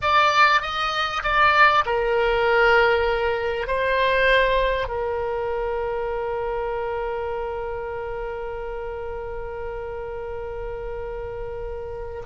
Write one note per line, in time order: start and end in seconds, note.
0.01 0.61 D5
0.61 1.22 D#5
1.23 1.84 D5
1.85 3.67 A#4
3.67 4.88 C5
4.88 12.23 A#4